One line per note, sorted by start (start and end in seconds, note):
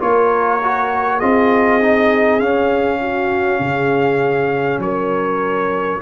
0.00 1.22 A#3
0.00 0.60 F4
0.00 1.18 A#4
0.00 1.20 C#5
0.64 1.21 F#4
1.18 2.40 C4
1.18 1.81 F4
1.18 2.98 G#4
1.18 2.40 D#5
1.81 2.40 D#4
2.40 3.60 C#4
2.40 6.00 C#4
2.40 4.80 F5
3.01 3.61 F#4
3.60 4.79 C#3
3.60 4.82 G#4
4.79 5.99 F#3
4.79 6.02 A#4
4.79 6.02 C#5